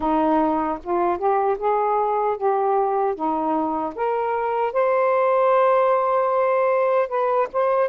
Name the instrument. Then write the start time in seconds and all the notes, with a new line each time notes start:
saxophone
0.00 D#4
0.83 F4
1.17 G4
1.58 G#4
2.37 G4
3.15 D#4
3.95 A#4
4.72 C5
7.08 B4
7.52 C5